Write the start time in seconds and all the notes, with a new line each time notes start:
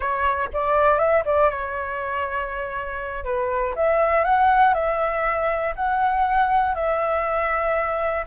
0.00 C#5
0.53 D5
0.98 E5
1.25 D5
1.50 C#5
3.24 B4
3.75 E5
4.24 F#5
4.74 E5
5.75 F#5
6.75 E5